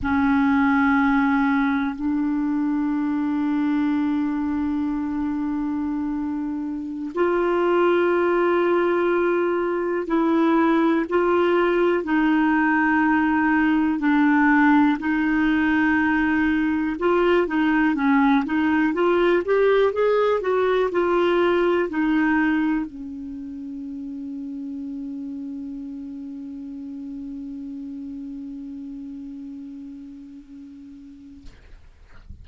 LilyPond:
\new Staff \with { instrumentName = "clarinet" } { \time 4/4 \tempo 4 = 61 cis'2 d'2~ | d'2.~ d'16 f'8.~ | f'2~ f'16 e'4 f'8.~ | f'16 dis'2 d'4 dis'8.~ |
dis'4~ dis'16 f'8 dis'8 cis'8 dis'8 f'8 g'16~ | g'16 gis'8 fis'8 f'4 dis'4 cis'8.~ | cis'1~ | cis'1 | }